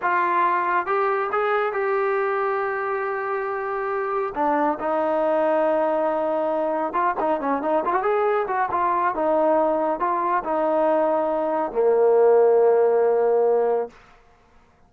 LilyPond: \new Staff \with { instrumentName = "trombone" } { \time 4/4 \tempo 4 = 138 f'2 g'4 gis'4 | g'1~ | g'2 d'4 dis'4~ | dis'1 |
f'8 dis'8 cis'8 dis'8 f'16 fis'16 gis'4 fis'8 | f'4 dis'2 f'4 | dis'2. ais4~ | ais1 | }